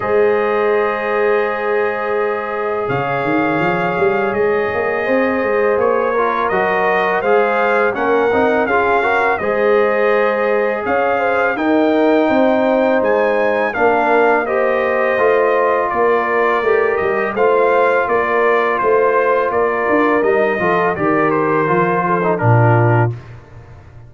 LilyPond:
<<
  \new Staff \with { instrumentName = "trumpet" } { \time 4/4 \tempo 4 = 83 dis''1 | f''2 dis''2 | cis''4 dis''4 f''4 fis''4 | f''4 dis''2 f''4 |
g''2 gis''4 f''4 | dis''2 d''4. dis''8 | f''4 d''4 c''4 d''4 | dis''4 d''8 c''4. ais'4 | }
  \new Staff \with { instrumentName = "horn" } { \time 4/4 c''1 | cis''2. c''4~ | c''8 ais'4. c''4 ais'4 | gis'8 ais'8 c''2 cis''8 c''8 |
ais'4 c''2 ais'4 | c''2 ais'2 | c''4 ais'4 c''4 ais'4~ | ais'8 a'8 ais'4. a'8 f'4 | }
  \new Staff \with { instrumentName = "trombone" } { \time 4/4 gis'1~ | gis'1~ | gis'8 f'8 fis'4 gis'4 cis'8 dis'8 | f'8 fis'8 gis'2. |
dis'2. d'4 | g'4 f'2 g'4 | f'1 | dis'8 f'8 g'4 f'8. dis'16 d'4 | }
  \new Staff \with { instrumentName = "tuba" } { \time 4/4 gis1 | cis8 dis8 f8 g8 gis8 ais8 c'8 gis8 | ais4 fis4 gis4 ais8 c'8 | cis'4 gis2 cis'4 |
dis'4 c'4 gis4 ais4~ | ais4 a4 ais4 a8 g8 | a4 ais4 a4 ais8 d'8 | g8 f8 dis4 f4 ais,4 | }
>>